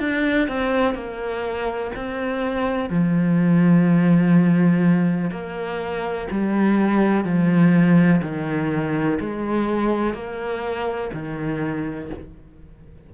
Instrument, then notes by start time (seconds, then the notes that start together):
cello
0.00 D4
0.48 C4
0.95 A#3
1.96 C4
2.90 F3
5.31 A#3
6.31 G3
7.25 F3
8.23 D#3
9.21 G#3
10.14 A#3
11.14 D#3